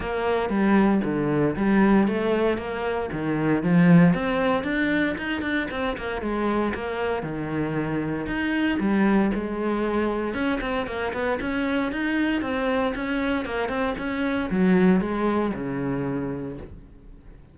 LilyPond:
\new Staff \with { instrumentName = "cello" } { \time 4/4 \tempo 4 = 116 ais4 g4 d4 g4 | a4 ais4 dis4 f4 | c'4 d'4 dis'8 d'8 c'8 ais8 | gis4 ais4 dis2 |
dis'4 g4 gis2 | cis'8 c'8 ais8 b8 cis'4 dis'4 | c'4 cis'4 ais8 c'8 cis'4 | fis4 gis4 cis2 | }